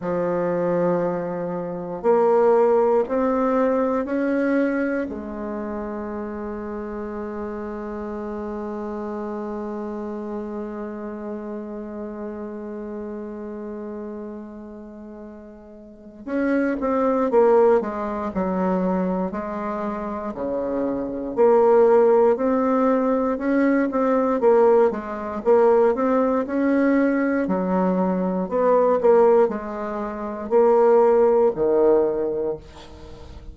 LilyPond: \new Staff \with { instrumentName = "bassoon" } { \time 4/4 \tempo 4 = 59 f2 ais4 c'4 | cis'4 gis2.~ | gis1~ | gis1 |
cis'8 c'8 ais8 gis8 fis4 gis4 | cis4 ais4 c'4 cis'8 c'8 | ais8 gis8 ais8 c'8 cis'4 fis4 | b8 ais8 gis4 ais4 dis4 | }